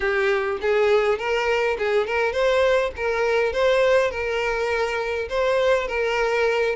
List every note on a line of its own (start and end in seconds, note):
0.00 0.57 G4
0.61 1.18 G#4
1.18 1.77 A#4
1.78 2.06 G#4
2.06 2.32 A#4
2.32 2.91 C5
2.96 3.52 A#4
3.52 4.10 C5
4.10 5.28 A#4
5.29 5.87 C5
5.87 6.75 A#4